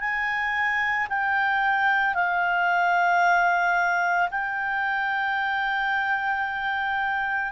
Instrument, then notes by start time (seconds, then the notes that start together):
clarinet
0.00 G#5
1.09 G5
2.15 F5
4.31 G5